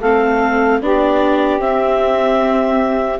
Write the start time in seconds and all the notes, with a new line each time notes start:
0.00 A3 C4 A4 F5
0.81 B3 D4 G4 D5
1.59 C4 E5